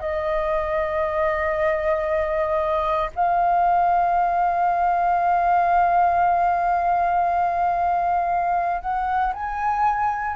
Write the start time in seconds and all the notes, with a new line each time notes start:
0.00 D#5
3.15 F5
8.81 F#5
9.33 G#5